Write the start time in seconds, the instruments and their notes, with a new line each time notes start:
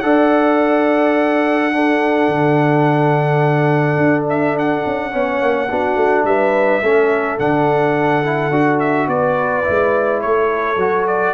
0.00 tuba D4, trombone A4, horn D5, trumpet F#5
1.72 trombone D4, horn A4
2.28 tuba D3
3.97 tuba D4
4.29 trumpet E5
4.59 trumpet F#5
4.86 tuba C#4
5.12 tuba B3, trombone C#4, horn C#5
5.42 tuba A#3
5.69 tuba B3, trombone D4, horn F#4
5.96 tuba A3
6.24 tuba G3, horn B4, trumpet E5
6.82 tuba A3, trombone C#4, horn A4
7.39 tuba D3, trombone D4, trumpet F#5
8.24 trombone E4
8.51 tuba D4, trombone F#4
8.80 trumpet E5
9.08 tuba B3, horn B4, trumpet D5
9.63 trombone E4
9.69 tuba G#3
10.21 tuba A3, horn A4, trumpet C#5
10.76 tuba F#3, trombone F#4
11.08 trumpet D5